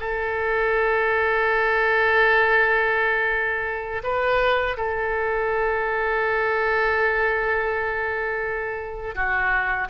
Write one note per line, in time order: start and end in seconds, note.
0.00 4.02 A4
4.04 4.77 B4
4.77 9.15 A4
9.15 9.88 F#4